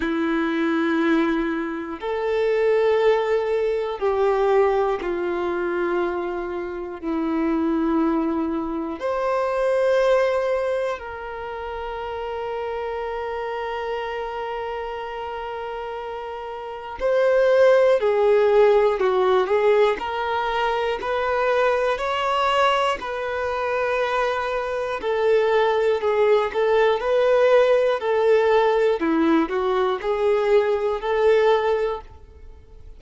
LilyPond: \new Staff \with { instrumentName = "violin" } { \time 4/4 \tempo 4 = 60 e'2 a'2 | g'4 f'2 e'4~ | e'4 c''2 ais'4~ | ais'1~ |
ais'4 c''4 gis'4 fis'8 gis'8 | ais'4 b'4 cis''4 b'4~ | b'4 a'4 gis'8 a'8 b'4 | a'4 e'8 fis'8 gis'4 a'4 | }